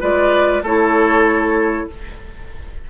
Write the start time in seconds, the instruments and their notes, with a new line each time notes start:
0.00 bassoon G#3, clarinet F4, oboe B4, flute D5
0.62 bassoon A3, clarinet E4, oboe A4, flute C#5